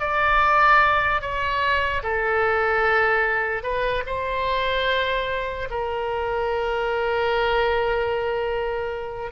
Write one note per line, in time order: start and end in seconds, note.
0.00 1.22 D5
1.22 2.03 C#5
2.03 3.63 A4
3.63 4.04 B4
4.07 5.69 C5
5.71 9.32 A#4